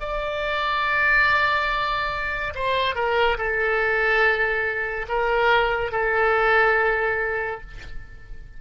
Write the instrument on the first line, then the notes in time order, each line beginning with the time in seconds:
oboe
0.00 D5
2.55 C5
2.95 A#4
3.38 A4
5.09 A#4
5.92 A4